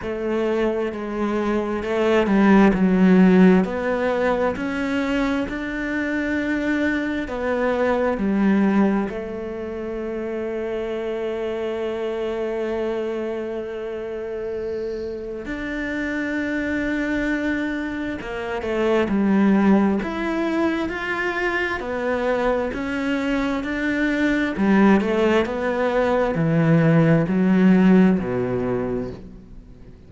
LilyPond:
\new Staff \with { instrumentName = "cello" } { \time 4/4 \tempo 4 = 66 a4 gis4 a8 g8 fis4 | b4 cis'4 d'2 | b4 g4 a2~ | a1~ |
a4 d'2. | ais8 a8 g4 e'4 f'4 | b4 cis'4 d'4 g8 a8 | b4 e4 fis4 b,4 | }